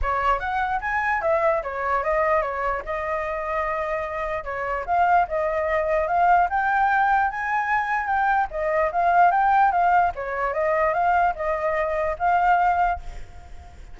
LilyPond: \new Staff \with { instrumentName = "flute" } { \time 4/4 \tempo 4 = 148 cis''4 fis''4 gis''4 e''4 | cis''4 dis''4 cis''4 dis''4~ | dis''2. cis''4 | f''4 dis''2 f''4 |
g''2 gis''2 | g''4 dis''4 f''4 g''4 | f''4 cis''4 dis''4 f''4 | dis''2 f''2 | }